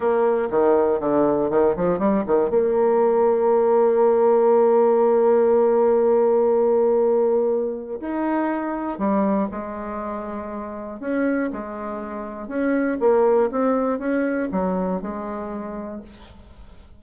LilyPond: \new Staff \with { instrumentName = "bassoon" } { \time 4/4 \tempo 4 = 120 ais4 dis4 d4 dis8 f8 | g8 dis8 ais2.~ | ais1~ | ais1 |
dis'2 g4 gis4~ | gis2 cis'4 gis4~ | gis4 cis'4 ais4 c'4 | cis'4 fis4 gis2 | }